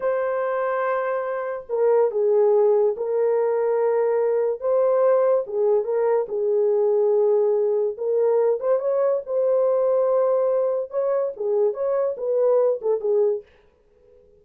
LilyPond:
\new Staff \with { instrumentName = "horn" } { \time 4/4 \tempo 4 = 143 c''1 | ais'4 gis'2 ais'4~ | ais'2. c''4~ | c''4 gis'4 ais'4 gis'4~ |
gis'2. ais'4~ | ais'8 c''8 cis''4 c''2~ | c''2 cis''4 gis'4 | cis''4 b'4. a'8 gis'4 | }